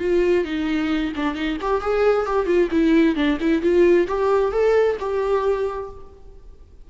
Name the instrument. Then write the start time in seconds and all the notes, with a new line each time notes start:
viola
0.00 F4
0.45 D#4
1.16 D4
1.35 D#4
1.62 G4
1.81 G#4
2.26 G4
2.46 F4
2.71 E4
3.16 D4
3.41 E4
3.62 F4
4.08 G4
4.52 A4
5.00 G4